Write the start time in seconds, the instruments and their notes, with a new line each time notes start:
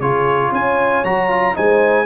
0.00 tuba C#3, trombone F4, horn G#4, trumpet C#5
0.51 tuba C#4, horn C#5, trumpet G#5
1.04 tuba F#3, trombone F#4, trumpet A#5
1.29 trombone F4
1.54 tuba G#3, trombone D#4, horn C5, trumpet G#5